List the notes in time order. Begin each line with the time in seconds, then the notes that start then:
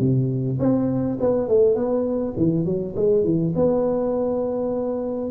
0.00 C3
0.59 C4
1.20 B3
1.49 A3
1.76 B3
2.37 E3
2.66 F#3
2.97 G#3
3.24 E3
3.56 B3